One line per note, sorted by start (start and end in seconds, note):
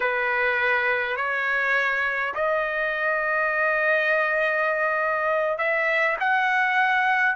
0.00 1.16 B4
1.16 2.34 C#5
2.34 5.57 D#5
5.58 6.17 E5
6.20 7.35 F#5